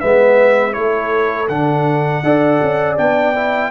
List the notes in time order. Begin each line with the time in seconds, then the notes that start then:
0.00 G#3 B3 B4 E5
0.73 A3 E4 A4 C#5
1.49 D3 D4 F#5
2.23 D4 A4 D5
2.62 C#4
2.98 B3 D4 G5
3.36 E4